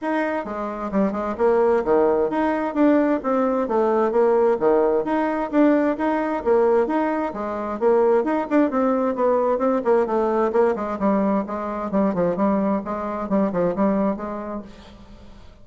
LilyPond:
\new Staff \with { instrumentName = "bassoon" } { \time 4/4 \tempo 4 = 131 dis'4 gis4 g8 gis8 ais4 | dis4 dis'4 d'4 c'4 | a4 ais4 dis4 dis'4 | d'4 dis'4 ais4 dis'4 |
gis4 ais4 dis'8 d'8 c'4 | b4 c'8 ais8 a4 ais8 gis8 | g4 gis4 g8 f8 g4 | gis4 g8 f8 g4 gis4 | }